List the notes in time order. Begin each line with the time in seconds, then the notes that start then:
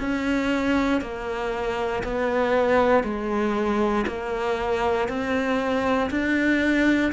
0.00 C#4
1.02 A#3
2.04 B3
3.04 G#3
4.07 A#3
5.08 C4
6.11 D4